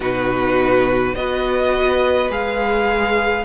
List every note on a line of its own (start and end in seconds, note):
0.00 1.14 B2
0.00 1.14 D#4
0.00 1.14 F#4
0.00 1.15 B4
1.15 2.29 B3
1.15 2.29 F#4
1.15 3.45 B4
1.15 2.30 D#5
2.29 3.45 G#3
2.29 3.45 G#4
2.29 3.45 F5